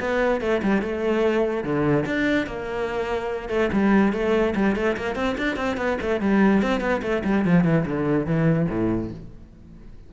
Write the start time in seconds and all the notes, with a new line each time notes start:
0.00 B3
0.41 A3
0.63 G3
0.82 A3
1.64 D3
2.06 D4
2.47 A#3
3.49 A3
3.73 G3
4.13 A3
4.56 G3
4.76 A3
4.97 A#3
5.16 C4
5.38 D4
5.57 C4
5.77 B3
6.02 A3
6.21 G3
6.63 C4
6.81 B3
7.03 A3
7.25 G3
7.46 F3
7.65 E3
7.86 D3
8.26 E3
8.70 A2